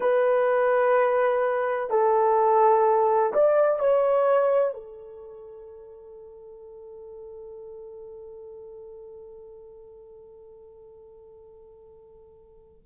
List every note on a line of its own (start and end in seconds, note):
0.00 1.90 B4
1.90 3.32 A4
3.33 3.79 D5
3.79 4.73 C#5
4.73 12.83 A4